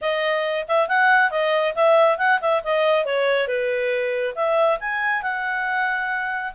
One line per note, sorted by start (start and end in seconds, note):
0.01 0.66 D#5
0.68 0.88 E5
0.88 1.30 F#5
1.30 1.74 D#5
1.75 2.18 E5
2.18 2.39 F#5
2.41 2.62 E5
2.63 3.05 D#5
3.05 3.47 C#5
3.47 4.34 B4
4.35 4.78 E5
4.80 5.22 G#5
5.22 6.53 F#5